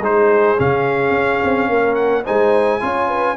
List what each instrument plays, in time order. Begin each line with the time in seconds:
0.00 tuba G#3, trombone D#4, horn G#4, trumpet C5
0.57 tuba C#3, trombone C#4, trumpet F5
1.10 tuba C#4
1.44 tuba C4
1.69 tuba A#3, horn A#4
1.95 trumpet F#5
2.23 tuba G#3, trombone D#4, horn C5, trumpet G#5
2.80 tuba C#4, trombone F4, horn C#5
3.08 horn B4